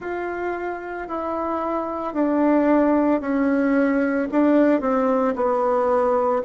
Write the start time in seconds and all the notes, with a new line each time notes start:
0.00 F4
1.08 E4
2.13 D4
3.20 C#4
4.31 D4
4.80 C4
5.35 B3